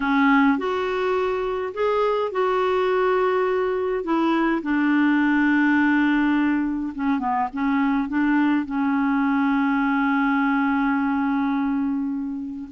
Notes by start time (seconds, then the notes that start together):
0.00 C#4
0.57 F#4
1.74 G#4
2.31 F#4
4.04 E4
4.62 D4
6.94 C#4
7.19 B3
7.52 C#4
8.08 D4
8.65 C#4